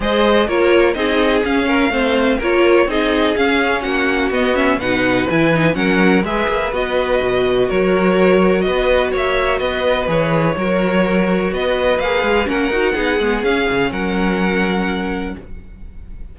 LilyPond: <<
  \new Staff \with { instrumentName = "violin" } { \time 4/4 \tempo 4 = 125 dis''4 cis''4 dis''4 f''4~ | f''4 cis''4 dis''4 f''4 | fis''4 dis''8 e''8 fis''4 gis''4 | fis''4 e''4 dis''2 |
cis''2 dis''4 e''4 | dis''4 cis''2. | dis''4 f''4 fis''2 | f''4 fis''2. | }
  \new Staff \with { instrumentName = "violin" } { \time 4/4 c''4 ais'4 gis'4. ais'8 | c''4 ais'4 gis'2 | fis'2 b'2 | ais'4 b'2. |
ais'2 b'4 cis''4 | b'2 ais'2 | b'2 ais'4 gis'4~ | gis'4 ais'2. | }
  \new Staff \with { instrumentName = "viola" } { \time 4/4 gis'4 f'4 dis'4 cis'4 | c'4 f'4 dis'4 cis'4~ | cis'4 b8 cis'8 dis'4 e'8 dis'8 | cis'4 gis'4 fis'2~ |
fis'1~ | fis'4 gis'4 fis'2~ | fis'4 gis'4 cis'8 fis'8 dis'8 b8 | cis'1 | }
  \new Staff \with { instrumentName = "cello" } { \time 4/4 gis4 ais4 c'4 cis'4 | a4 ais4 c'4 cis'4 | ais4 b4 b,4 e4 | fis4 gis8 ais8 b4 b,4 |
fis2 b4 ais4 | b4 e4 fis2 | b4 ais8 gis8 ais8 dis'8 b8 gis8 | cis'8 cis8 fis2. | }
>>